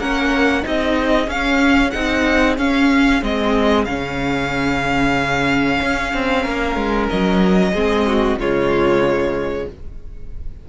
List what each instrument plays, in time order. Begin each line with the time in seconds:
0.00 cello A#3, viola C#4, violin A#4 F#5
0.63 cello C4, viola D#4, violin G#4 D#5
1.28 cello C#4, viola C#4, violin F5
1.91 cello C4, viola D#4, violin F#5
2.58 viola C#4, cello C#4, violin F5
3.23 cello G#3, viola C4, violin D#5
3.85 cello C#3, viola C#4, violin F5
5.82 cello C#4
6.14 cello C4
6.43 cello A#3, violin A#4
6.76 cello G#3
7.10 cello F#3, violin D#5
7.73 cello G#3, viola C4, violin G#4
8.08 violin F#4
8.37 cello C#3, viola G#3, violin F4 C#5